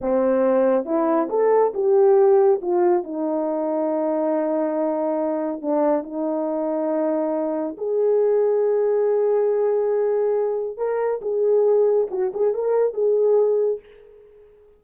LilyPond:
\new Staff \with { instrumentName = "horn" } { \time 4/4 \tempo 4 = 139 c'2 e'4 a'4 | g'2 f'4 dis'4~ | dis'1~ | dis'4 d'4 dis'2~ |
dis'2 gis'2~ | gis'1~ | gis'4 ais'4 gis'2 | fis'8 gis'8 ais'4 gis'2 | }